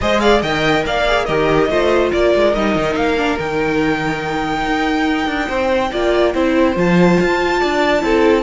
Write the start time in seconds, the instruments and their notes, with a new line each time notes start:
0.01 cello G#3, viola G#4, violin C5 D#5
0.20 violin D5 F5
0.42 cello D#3, viola A#4, violin D#5 G5
0.86 cello A#3, violin D5 F5
1.07 viola G#4
1.25 cello D#3, viola G4, violin A#4 D#5
1.69 cello A3, viola F4, violin C5
2.12 cello A#3, violin A#4 D5
2.35 cello G#3
2.53 cello G3, viola D#4, violin D#5
2.75 cello D#3
2.95 cello A#3, violin F5
3.17 viola D4
3.38 cello D#3, viola D#4, violin G5
4.66 cello D#4
5.27 cello D4
5.48 cello C4, violin C5
5.91 cello A#3, viola F4, violin D5
6.34 cello C4, viola E4, violin C5
6.74 cello F3, viola F4, violin A5
7.20 cello F4
7.60 cello D4, violin D5
8.00 cello C4, viola E4, violin A4